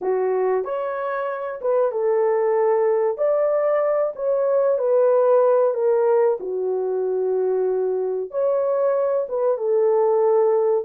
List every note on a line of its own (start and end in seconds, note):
0.01 0.64 F#4
0.64 1.60 C#5
1.61 1.91 B4
1.91 3.17 A4
3.17 4.13 D5
4.15 4.78 C#5
4.78 5.74 B4
5.74 6.37 A#4
6.40 8.31 F#4
8.31 9.26 C#5
9.28 9.57 B4
9.57 10.85 A4